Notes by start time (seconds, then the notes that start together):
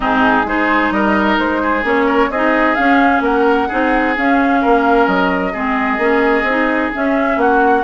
0.00 G#2 C4 D#4 G#4
0.45 G#3 D#4 G#4 C5
0.90 G3 A#4 D#5
1.38 G#3 C5
1.62 G#4
1.84 A#3 C#4 C#5
2.06 A#4
2.29 C4 D#4 G#4 D#5
2.75 C#4 F5
3.20 A#3 A#4 F#5
3.68 C4 D#4 G#4
4.17 C#4 F5
4.61 A#3 A#4
5.07 F#3 D#5
5.52 G#3 C4 G#4
5.97 A#3 C#4
6.42 C4
6.49 D#4
6.92 C#4 E5
7.36 A#3 F#4 F#5